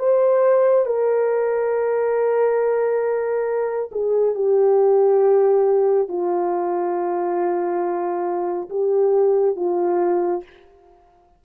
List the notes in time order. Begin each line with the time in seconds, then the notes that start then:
0.00 C5
0.86 A#4
3.92 G#4
4.35 G4
6.09 F4
8.70 G4
9.57 F4